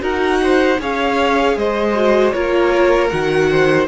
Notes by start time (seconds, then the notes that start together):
0.00 D#4 F#4 A#4 F#5
0.43 C5
0.80 C#4 G#4 C#5 F5
1.57 G#3 C5 D#5
1.95 F#4
2.32 A#3 F4 A#4 C#5
3.09 D#3 F#4 F#5
3.50 C5